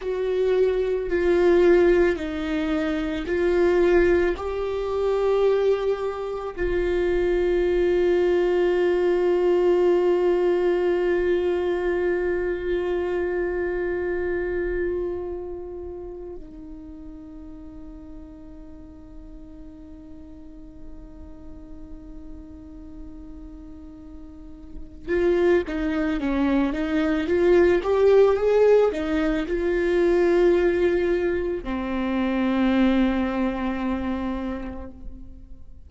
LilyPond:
\new Staff \with { instrumentName = "viola" } { \time 4/4 \tempo 4 = 55 fis'4 f'4 dis'4 f'4 | g'2 f'2~ | f'1~ | f'2. dis'4~ |
dis'1~ | dis'2. f'8 dis'8 | cis'8 dis'8 f'8 g'8 gis'8 dis'8 f'4~ | f'4 c'2. | }